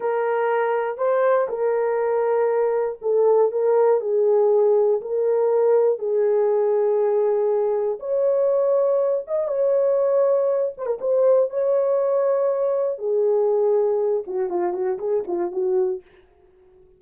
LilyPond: \new Staff \with { instrumentName = "horn" } { \time 4/4 \tempo 4 = 120 ais'2 c''4 ais'4~ | ais'2 a'4 ais'4 | gis'2 ais'2 | gis'1 |
cis''2~ cis''8 dis''8 cis''4~ | cis''4. c''16 ais'16 c''4 cis''4~ | cis''2 gis'2~ | gis'8 fis'8 f'8 fis'8 gis'8 f'8 fis'4 | }